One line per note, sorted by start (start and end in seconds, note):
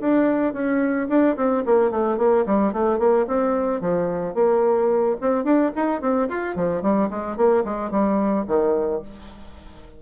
0.00 0.53 D4
0.53 1.07 C#4
1.09 1.36 D4
1.36 1.63 C4
1.65 1.90 A#3
1.90 2.17 A3
2.17 2.44 A#3
2.46 2.72 G3
2.72 2.99 A3
2.99 3.26 A#3
3.27 3.81 C4
3.81 4.34 F3
4.34 5.16 A#3
5.20 5.44 C4
5.44 5.71 D4
5.75 6.01 D#4
6.01 6.28 C4
6.28 6.55 F4
6.55 6.82 F3
6.82 7.09 G3
7.10 7.37 G#3
7.37 7.64 A#3
7.64 7.90 G#3
7.90 8.45 G3
8.47 9.01 D#3